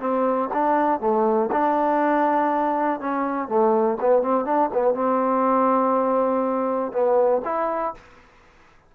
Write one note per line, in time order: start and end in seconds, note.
0.00 0.50 C4
0.53 1.01 D4
1.01 1.50 A3
1.52 3.00 D4
3.00 3.48 C#4
3.48 3.98 A3
4.01 4.22 B3
4.22 4.45 C4
4.45 4.70 D4
4.73 4.94 B3
4.94 6.92 C4
6.92 7.42 B3
7.45 7.94 E4